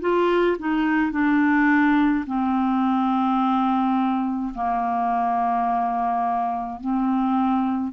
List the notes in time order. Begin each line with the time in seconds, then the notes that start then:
0.00 F4
0.59 D#4
1.11 D4
2.26 C4
4.54 A#3
6.80 C4